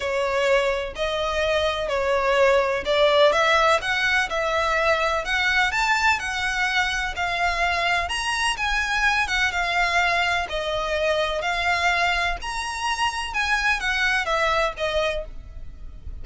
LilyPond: \new Staff \with { instrumentName = "violin" } { \time 4/4 \tempo 4 = 126 cis''2 dis''2 | cis''2 d''4 e''4 | fis''4 e''2 fis''4 | a''4 fis''2 f''4~ |
f''4 ais''4 gis''4. fis''8 | f''2 dis''2 | f''2 ais''2 | gis''4 fis''4 e''4 dis''4 | }